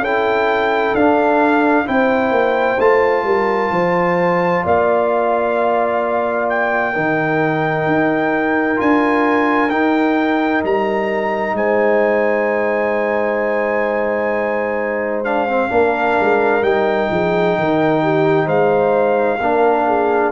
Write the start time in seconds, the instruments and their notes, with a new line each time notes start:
0.00 tuba C#4, trombone E4, horn A4, trumpet G5
0.94 tuba D4, trombone D4, trumpet F5
1.86 tuba C4, trombone E4, horn C5, trumpet G5
2.31 tuba A#3
2.79 tuba A3, trombone F4, trumpet A5
3.24 tuba G3, horn A#4
3.71 tuba F3, horn C5
4.64 tuba A#3, horn D5, trumpet F5
6.49 trumpet G5
6.94 tuba D#3, trombone D#4, horn A#4
7.87 tuba D#4
8.76 tuba D4, trombone F4, trumpet G#5
9.70 trombone D#4, tuba D#4, trumpet G5
10.64 tuba G3, trumpet A#5
11.53 tuba G#3, horn C5, trumpet G#5
15.24 trombone D4, trumpet F5
15.48 trombone C4
15.69 tuba A#3, trombone D4, horn A#4
16.20 tuba G#3
16.62 tuba G3, trombone D#4, trumpet G5
17.10 tuba F3, horn G#4
17.58 tuba D#3, horn A#4
18.02 horn G4
18.46 tuba G#3, horn C5, trumpet F5
19.40 tuba A#3, trombone D4, horn A#4
19.87 horn G#4